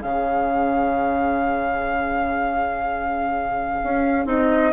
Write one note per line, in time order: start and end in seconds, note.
0.00 3.81 C#3
0.00 4.25 C#4
0.00 4.73 G#4
0.00 4.27 F5
3.83 4.26 C#4
4.25 4.73 C4
4.25 4.72 D#4
4.25 4.73 D#5